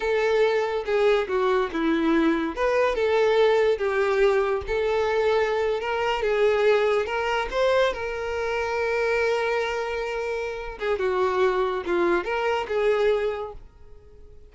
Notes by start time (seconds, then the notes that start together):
0.00 A4
0.85 G#4
1.28 F#4
1.72 E4
2.55 B4
2.95 A4
3.77 G4
4.67 A4
5.80 A#4
6.22 G#4
7.06 A#4
7.51 C5
7.93 A#4
10.78 G#4
10.99 F#4
11.86 F4
12.24 A#4
12.68 G#4